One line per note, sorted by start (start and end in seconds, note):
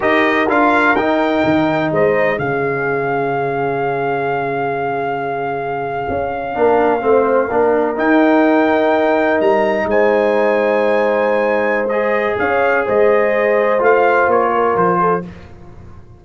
0.00 0.48 D#4
0.00 0.47 G4
0.00 1.89 A#4
0.00 0.49 D#5
0.48 0.95 D4
0.48 0.96 F4
0.48 0.95 F5
0.95 1.43 D#4
0.95 2.38 D#4
0.95 1.91 G5
1.44 1.91 D#3
1.91 2.38 G#3
1.91 2.39 C5
1.91 2.38 D#5
2.38 6.07 C#3
2.38 6.54 C#4
2.38 6.55 G#4
2.38 7.98 F5
6.09 6.55 C#4
6.54 7.03 A#3
6.54 7.00 D4
6.54 7.02 A#4
7.00 7.50 A3
7.00 7.48 C4
7.00 7.47 C5
7.47 7.97 A#3
7.47 7.95 D4
7.47 9.85 A#4
7.95 11.88 D#4
7.95 9.40 D#4
7.95 9.40 G5
9.40 9.84 G3
9.40 9.88 A#5
9.84 12.34 G#3
9.84 12.39 C5
9.84 11.88 G#5
11.88 13.78 G#4
11.88 12.36 D#5
12.38 12.86 C#4
12.38 12.85 C#5
12.38 12.86 F5
12.85 13.80 G#3
12.85 14.52 C5
12.85 13.83 D#5
13.78 14.27 A3
13.78 15.21 F4
13.78 14.30 F5
14.27 14.75 A#3
14.27 14.77 C#5
14.54 15.00 A#4
14.75 15.23 F3
14.75 15.24 C5
15.00 15.23 A4